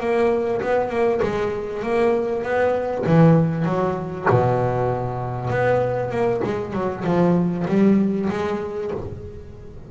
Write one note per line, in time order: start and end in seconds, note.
0.00 0.61 A#3
0.61 0.90 B3
0.90 1.20 A#3
1.22 1.83 G#3
1.83 2.43 A#3
2.43 3.04 B3
3.06 3.65 E3
3.65 4.26 F#3
4.30 5.50 B2
5.50 6.11 B3
6.11 6.41 A#3
6.44 6.73 G#3
6.73 7.04 F#3
7.04 7.66 F3
7.68 8.29 G3
8.30 8.91 G#3